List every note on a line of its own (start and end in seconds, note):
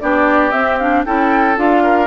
0.00 0.52 B3
0.00 0.52 D4
0.00 1.05 G4
0.00 0.51 D5
0.51 0.78 C4
0.51 1.05 C4
0.51 0.78 E5
0.78 1.05 D4
0.78 1.04 F5
1.05 1.57 C#4
1.05 1.56 E4
1.05 1.83 A4
1.05 1.58 G5
1.56 2.07 D4
1.56 2.07 F4
1.56 2.07 F5
1.83 2.07 A#4